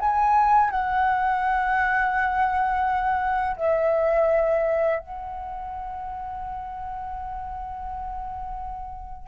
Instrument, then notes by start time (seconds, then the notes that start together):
flute
0.00 G#5
0.71 F#5
3.57 E5
5.00 F#5